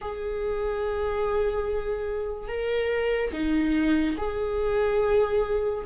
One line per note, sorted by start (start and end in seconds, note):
0.01 2.48 G#4
2.48 3.31 A#4
3.32 4.16 D#4
4.17 5.84 G#4